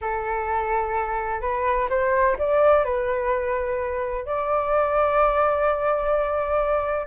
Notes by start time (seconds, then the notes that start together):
0.01 A4
1.41 B4
1.89 C5
2.38 D5
2.84 B4
4.25 D5